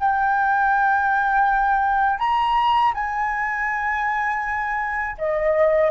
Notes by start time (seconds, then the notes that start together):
0.00 G5
2.19 A#5
2.95 G#5
5.19 D#5